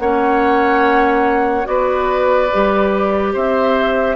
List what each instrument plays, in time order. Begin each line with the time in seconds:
0.00 bassoon A#3, clarinet C#4, oboe C#5, flute F#5
1.65 bassoon B3, clarinet F#4, oboe B4, flute D5
2.53 bassoon G3, clarinet G4
3.34 bassoon C4, oboe C5, flute E5